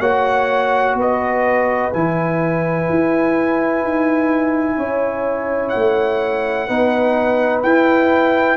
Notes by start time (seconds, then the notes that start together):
0.00 A#3 F#4 C#5 F#5
0.95 B3 B4
1.02 D#5
1.93 E3 E4 G#5
2.90 E4
3.83 D#4
4.77 C#4 C#5
5.70 F#5
5.76 A3
6.68 B3 D#4 B4
7.63 E4 G5